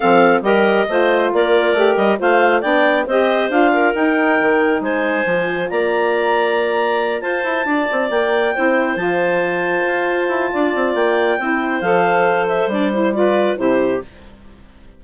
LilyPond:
<<
  \new Staff \with { instrumentName = "clarinet" } { \time 4/4 \tempo 4 = 137 f''4 dis''2 d''4~ | d''8 dis''8 f''4 g''4 dis''4 | f''4 g''2 gis''4~ | gis''4 ais''2.~ |
ais''8 a''2 g''4.~ | g''8 a''2.~ a''8~ | a''4 g''2 f''4~ | f''8 e''8 d''8 c''8 d''4 c''4 | }
  \new Staff \with { instrumentName = "clarinet" } { \time 4/4 a'4 ais'4 c''4 ais'4~ | ais'4 c''4 d''4 c''4~ | c''8 ais'2~ ais'8 c''4~ | c''4 d''2.~ |
d''8 c''4 d''2 c''8~ | c''1 | d''2 c''2~ | c''2 b'4 g'4 | }
  \new Staff \with { instrumentName = "saxophone" } { \time 4/4 c'4 g'4 f'2 | g'4 f'4 d'4 g'4 | f'4 dis'2. | f'1~ |
f'2.~ f'8 e'8~ | e'8 f'2.~ f'8~ | f'2 e'4 a'4~ | a'4 d'8 e'8 f'4 e'4 | }
  \new Staff \with { instrumentName = "bassoon" } { \time 4/4 f4 g4 a4 ais4 | a8 g8 a4 b4 c'4 | d'4 dis'4 dis4 gis4 | f4 ais2.~ |
ais8 f'8 e'8 d'8 c'8 ais4 c'8~ | c'8 f2 f'4 e'8 | d'8 c'8 ais4 c'4 f4~ | f4 g2 c4 | }
>>